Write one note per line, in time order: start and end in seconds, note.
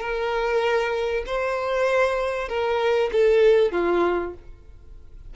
0.00 1.24 A#4
1.26 2.48 C5
2.48 3.10 A#4
3.12 3.72 A4
3.72 4.34 F4